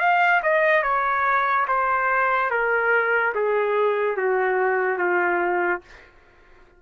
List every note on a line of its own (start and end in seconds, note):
0.00 0.42 F5
0.43 0.83 D#5
0.83 1.67 C#5
1.68 2.51 C5
2.51 3.34 A#4
3.35 4.17 G#4
4.17 4.98 F#4
4.98 5.81 F4